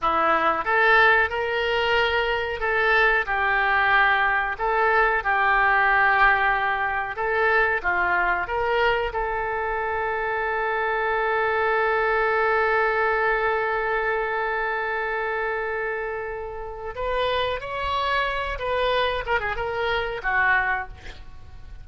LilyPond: \new Staff \with { instrumentName = "oboe" } { \time 4/4 \tempo 4 = 92 e'4 a'4 ais'2 | a'4 g'2 a'4 | g'2. a'4 | f'4 ais'4 a'2~ |
a'1~ | a'1~ | a'2 b'4 cis''4~ | cis''8 b'4 ais'16 gis'16 ais'4 fis'4 | }